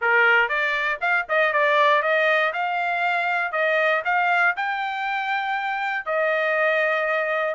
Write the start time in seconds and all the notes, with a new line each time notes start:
0.01 A#4
0.48 D5
1.00 F5
1.28 D#5
1.52 D5
2.02 D#5
2.53 F5
3.52 D#5
4.04 F5
4.56 G5
6.05 D#5